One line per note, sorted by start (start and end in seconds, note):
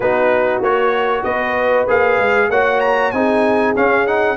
0.00 0.60 B3
0.00 0.63 D#4
0.00 1.23 F#4
0.00 0.62 B4
0.60 1.23 A#3
0.60 1.88 F#4
0.60 1.23 C#5
1.23 1.86 B3
1.23 2.50 B4
1.23 1.86 D#5
1.88 2.17 A#3
1.88 2.50 G#4
1.88 2.51 F5
2.17 2.49 G#3
2.49 3.11 A#3
2.49 3.13 F#4
2.49 3.12 C#5
2.49 2.80 F#5
2.80 3.11 A#5
3.11 3.74 C4
3.11 3.75 D#4
3.11 4.36 G#4
3.11 3.73 G#5
3.75 4.06 C#4
3.75 4.36 C#4
3.75 4.06 F5
4.06 4.36 D#4
4.06 4.36 F#5